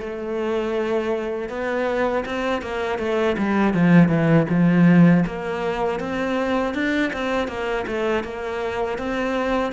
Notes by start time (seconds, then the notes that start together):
0.00 A3
1.49 B3
2.26 C4
2.62 A#3
2.99 A3
3.38 G3
3.74 F3
4.09 E3
4.50 F3
5.27 A#3
6.00 C4
6.75 D4
7.13 C4
7.48 A#3
7.87 A3
8.24 A#3
8.99 C4